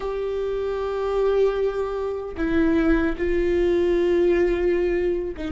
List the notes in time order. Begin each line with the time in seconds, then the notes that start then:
0.00 G4
2.37 E4
3.17 F4
5.36 D#4